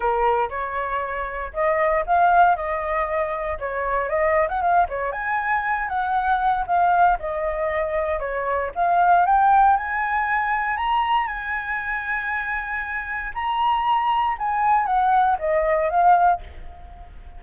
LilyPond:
\new Staff \with { instrumentName = "flute" } { \time 4/4 \tempo 4 = 117 ais'4 cis''2 dis''4 | f''4 dis''2 cis''4 | dis''8. fis''16 f''8 cis''8 gis''4. fis''8~ | fis''4 f''4 dis''2 |
cis''4 f''4 g''4 gis''4~ | gis''4 ais''4 gis''2~ | gis''2 ais''2 | gis''4 fis''4 dis''4 f''4 | }